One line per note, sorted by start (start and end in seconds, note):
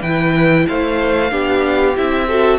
0.00 0.66 E3
0.00 0.65 B4
0.00 0.66 G5
0.07 1.30 E4
0.67 1.32 A3
0.67 1.31 C5
0.67 1.97 F5
1.30 1.96 B3
1.30 1.94 D4
1.30 2.28 G4
1.96 2.59 C4
1.96 2.28 E4
1.96 2.59 E5
2.28 2.59 F#4
2.28 2.59 A4